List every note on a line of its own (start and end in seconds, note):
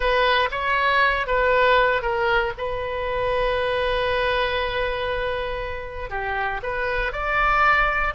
0.00 0.49 B4
0.51 1.26 C#5
1.26 2.02 B4
2.02 2.52 A#4
2.57 6.09 B4
6.09 6.60 G4
6.62 7.12 B4
7.12 8.14 D5